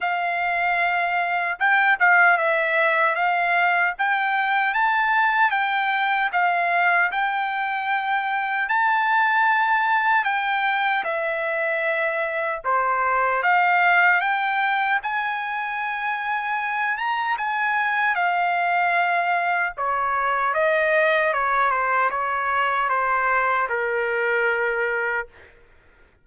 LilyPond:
\new Staff \with { instrumentName = "trumpet" } { \time 4/4 \tempo 4 = 76 f''2 g''8 f''8 e''4 | f''4 g''4 a''4 g''4 | f''4 g''2 a''4~ | a''4 g''4 e''2 |
c''4 f''4 g''4 gis''4~ | gis''4. ais''8 gis''4 f''4~ | f''4 cis''4 dis''4 cis''8 c''8 | cis''4 c''4 ais'2 | }